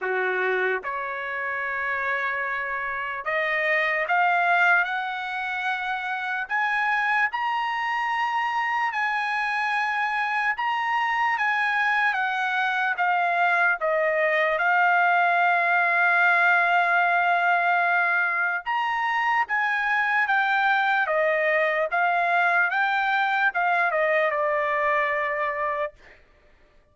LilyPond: \new Staff \with { instrumentName = "trumpet" } { \time 4/4 \tempo 4 = 74 fis'4 cis''2. | dis''4 f''4 fis''2 | gis''4 ais''2 gis''4~ | gis''4 ais''4 gis''4 fis''4 |
f''4 dis''4 f''2~ | f''2. ais''4 | gis''4 g''4 dis''4 f''4 | g''4 f''8 dis''8 d''2 | }